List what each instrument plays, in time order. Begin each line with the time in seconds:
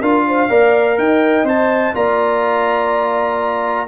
0.00 tuba D4, trombone F4, horn A#4, trumpet F5
0.27 horn C5
0.49 tuba A#3, trombone A#4, horn D5
0.98 tuba D#4, horn D#5, trumpet G5
1.43 tuba C4, trombone C5, trumpet A5
1.94 tuba A#3, trombone F4, horn D5, trumpet A#5